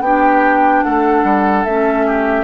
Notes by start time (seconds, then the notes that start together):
0.00 B3 D4 G4 G5
0.83 A3 A4 F#5
1.23 G3
1.64 A3 C#4 E5
2.07 G4